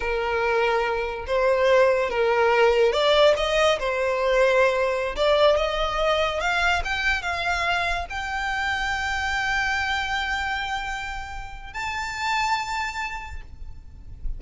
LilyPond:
\new Staff \with { instrumentName = "violin" } { \time 4/4 \tempo 4 = 143 ais'2. c''4~ | c''4 ais'2 d''4 | dis''4 c''2.~ | c''16 d''4 dis''2 f''8.~ |
f''16 g''4 f''2 g''8.~ | g''1~ | g''1 | a''1 | }